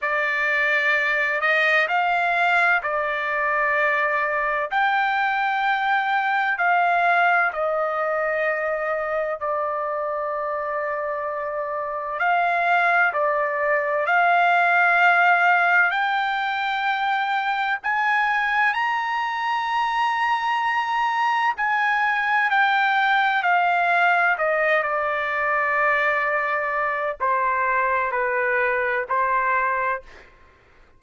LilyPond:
\new Staff \with { instrumentName = "trumpet" } { \time 4/4 \tempo 4 = 64 d''4. dis''8 f''4 d''4~ | d''4 g''2 f''4 | dis''2 d''2~ | d''4 f''4 d''4 f''4~ |
f''4 g''2 gis''4 | ais''2. gis''4 | g''4 f''4 dis''8 d''4.~ | d''4 c''4 b'4 c''4 | }